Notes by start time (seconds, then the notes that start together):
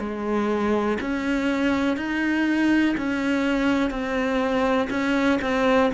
0.00 G#3
1.01 C#4
1.97 D#4
2.98 C#4
3.91 C4
4.90 C#4
5.42 C4